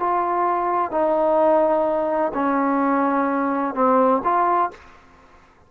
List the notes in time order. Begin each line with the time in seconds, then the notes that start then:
0.00 F4
0.92 D#4
2.34 C#4
3.75 C4
4.24 F4